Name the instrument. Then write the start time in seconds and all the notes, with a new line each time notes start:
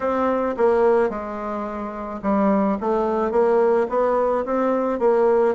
bassoon
0.00 C4
0.57 A#3
1.09 G#3
2.22 G3
2.80 A3
3.31 A#3
3.89 B3
4.44 C4
4.99 A#3